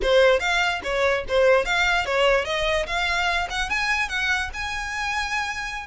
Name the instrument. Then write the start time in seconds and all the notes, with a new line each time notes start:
violin
0.02 C5
0.39 F5
0.83 C#5
1.28 C5
1.65 F5
2.05 C#5
2.44 D#5
2.86 F5
3.50 F#5
3.69 G#5
4.09 F#5
4.53 G#5